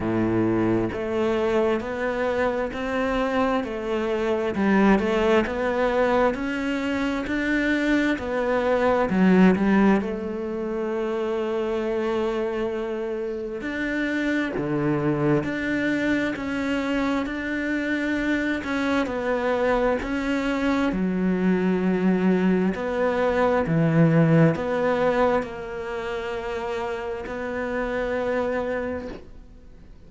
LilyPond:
\new Staff \with { instrumentName = "cello" } { \time 4/4 \tempo 4 = 66 a,4 a4 b4 c'4 | a4 g8 a8 b4 cis'4 | d'4 b4 fis8 g8 a4~ | a2. d'4 |
d4 d'4 cis'4 d'4~ | d'8 cis'8 b4 cis'4 fis4~ | fis4 b4 e4 b4 | ais2 b2 | }